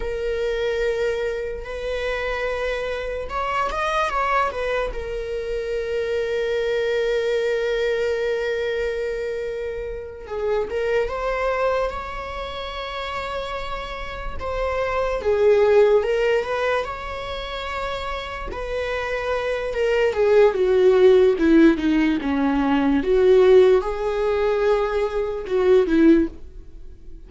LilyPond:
\new Staff \with { instrumentName = "viola" } { \time 4/4 \tempo 4 = 73 ais'2 b'2 | cis''8 dis''8 cis''8 b'8 ais'2~ | ais'1~ | ais'8 gis'8 ais'8 c''4 cis''4.~ |
cis''4. c''4 gis'4 ais'8 | b'8 cis''2 b'4. | ais'8 gis'8 fis'4 e'8 dis'8 cis'4 | fis'4 gis'2 fis'8 e'8 | }